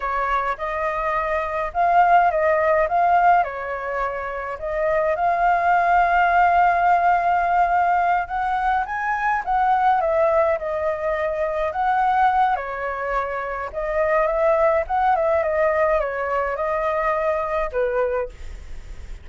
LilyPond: \new Staff \with { instrumentName = "flute" } { \time 4/4 \tempo 4 = 105 cis''4 dis''2 f''4 | dis''4 f''4 cis''2 | dis''4 f''2.~ | f''2~ f''8 fis''4 gis''8~ |
gis''8 fis''4 e''4 dis''4.~ | dis''8 fis''4. cis''2 | dis''4 e''4 fis''8 e''8 dis''4 | cis''4 dis''2 b'4 | }